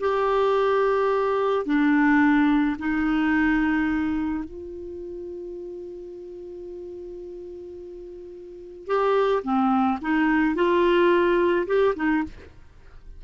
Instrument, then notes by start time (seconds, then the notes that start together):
clarinet
0.00 G4
1.65 D4
2.79 D#4
4.44 F4
8.87 G4
9.43 C4
10.02 D#4
10.55 F4
11.67 G4
11.96 D#4